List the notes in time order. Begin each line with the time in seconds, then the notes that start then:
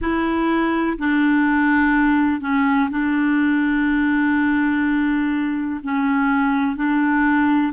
0.00 E4
0.98 D4
2.41 C#4
2.90 D4
5.83 C#4
6.76 D4